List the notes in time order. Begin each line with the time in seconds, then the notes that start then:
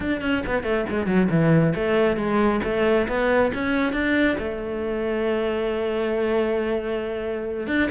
0.00 D4
0.21 C#4
0.46 B3
0.63 A3
0.89 G#3
1.06 F#3
1.29 E3
1.75 A3
2.16 G#3
2.64 A3
3.08 B3
3.54 C#4
3.93 D4
4.38 A3
7.67 D4